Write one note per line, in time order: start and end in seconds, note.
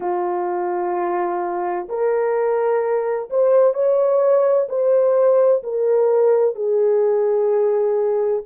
0.00 1.87 F4
1.88 3.29 A#4
3.30 3.74 C5
3.74 4.67 C#5
4.69 5.62 C5
5.63 6.55 A#4
6.55 8.42 G#4